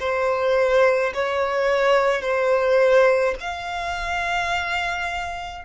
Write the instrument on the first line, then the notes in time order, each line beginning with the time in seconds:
violin
0.00 C5
1.14 C#5
2.22 C5
3.41 F5